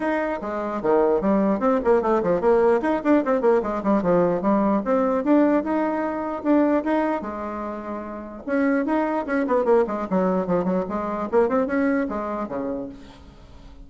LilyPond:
\new Staff \with { instrumentName = "bassoon" } { \time 4/4 \tempo 4 = 149 dis'4 gis4 dis4 g4 | c'8 ais8 a8 f8 ais4 dis'8 d'8 | c'8 ais8 gis8 g8 f4 g4 | c'4 d'4 dis'2 |
d'4 dis'4 gis2~ | gis4 cis'4 dis'4 cis'8 b8 | ais8 gis8 fis4 f8 fis8 gis4 | ais8 c'8 cis'4 gis4 cis4 | }